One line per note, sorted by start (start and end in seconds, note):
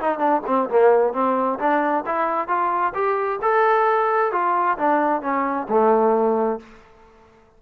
0.00 0.19 D#4
0.19 0.42 D4
0.47 0.69 C4
0.70 1.14 A#3
1.14 1.59 C4
1.59 2.05 D4
2.06 2.48 E4
2.48 2.93 F4
2.94 3.40 G4
3.42 4.32 A4
4.32 4.78 F4
4.78 5.22 D4
5.22 5.67 C#4
5.69 6.60 A3